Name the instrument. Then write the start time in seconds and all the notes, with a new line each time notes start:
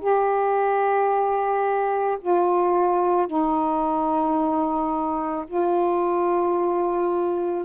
saxophone
0.00 G4
2.21 F4
3.27 D#4
5.47 F4